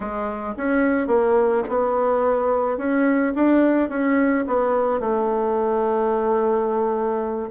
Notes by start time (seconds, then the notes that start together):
0.00 G#3
0.57 C#4
1.07 A#3
1.68 B3
2.77 C#4
3.35 D4
3.89 C#4
4.47 B3
5.00 A3